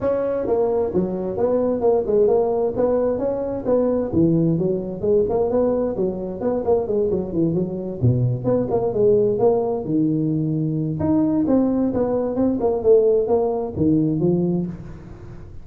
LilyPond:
\new Staff \with { instrumentName = "tuba" } { \time 4/4 \tempo 4 = 131 cis'4 ais4 fis4 b4 | ais8 gis8 ais4 b4 cis'4 | b4 e4 fis4 gis8 ais8 | b4 fis4 b8 ais8 gis8 fis8 |
e8 fis4 b,4 b8 ais8 gis8~ | gis8 ais4 dis2~ dis8 | dis'4 c'4 b4 c'8 ais8 | a4 ais4 dis4 f4 | }